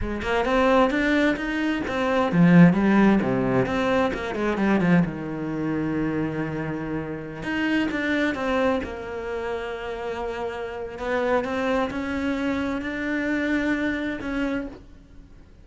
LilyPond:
\new Staff \with { instrumentName = "cello" } { \time 4/4 \tempo 4 = 131 gis8 ais8 c'4 d'4 dis'4 | c'4 f4 g4 c4 | c'4 ais8 gis8 g8 f8 dis4~ | dis1~ |
dis16 dis'4 d'4 c'4 ais8.~ | ais1 | b4 c'4 cis'2 | d'2. cis'4 | }